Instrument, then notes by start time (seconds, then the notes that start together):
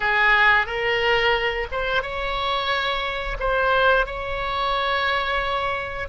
oboe
0.00 G#4
0.66 A#4
1.71 C5
2.02 C#5
3.39 C5
4.06 C#5